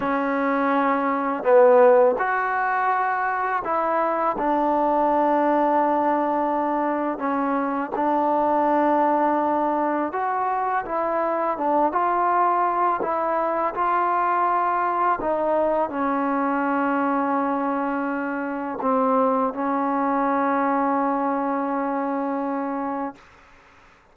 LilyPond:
\new Staff \with { instrumentName = "trombone" } { \time 4/4 \tempo 4 = 83 cis'2 b4 fis'4~ | fis'4 e'4 d'2~ | d'2 cis'4 d'4~ | d'2 fis'4 e'4 |
d'8 f'4. e'4 f'4~ | f'4 dis'4 cis'2~ | cis'2 c'4 cis'4~ | cis'1 | }